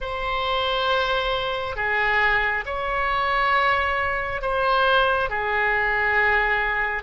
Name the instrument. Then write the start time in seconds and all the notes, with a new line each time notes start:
oboe
0.00 C5
1.76 G#4
2.65 C#5
4.41 C5
5.29 G#4